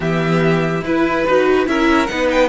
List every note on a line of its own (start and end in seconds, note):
0.00 0.81 E3
0.00 0.81 B3
0.00 0.83 G4
0.00 0.84 E5
0.81 1.23 E4
0.81 1.27 E4
0.81 1.67 B4
0.81 1.68 B4
1.27 1.67 D#4
1.27 1.65 F#4
1.65 2.08 C#4
1.65 2.07 E4
1.65 2.10 A#4
1.65 2.06 E5
2.06 2.48 B3
2.06 2.48 D#4
2.06 2.48 B4
2.06 2.27 F#5
2.30 2.48 G5